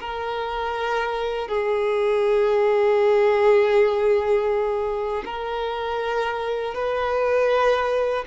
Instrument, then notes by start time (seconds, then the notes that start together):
violin
0.00 A#4
1.48 G#4
5.25 A#4
6.74 B4